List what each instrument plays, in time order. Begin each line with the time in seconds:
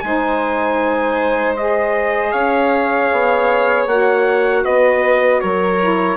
0.00 bassoon G#3, saxophone D#4, trumpet G#5
0.06 violin C5
1.56 saxophone G#4, trumpet D#5
2.32 bassoon C#4, violin C#5, trumpet F5
3.12 bassoon B3
3.87 bassoon A#3, saxophone F#4, trumpet F#5
4.64 bassoon B3, violin B4, trumpet D#5
5.40 bassoon F#3, violin A#4, trumpet C#5
5.80 saxophone E4